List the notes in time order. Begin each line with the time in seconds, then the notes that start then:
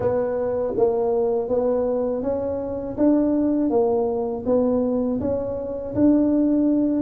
0.00 B3
0.76 A#3
1.48 B3
2.22 C#4
2.97 D4
3.70 A#3
4.45 B3
5.20 C#4
5.95 D4